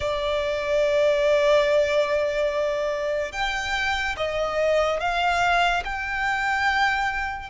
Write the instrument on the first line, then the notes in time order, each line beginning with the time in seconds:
violin
0.00 D5
3.32 G5
4.16 D#5
5.00 F5
5.84 G5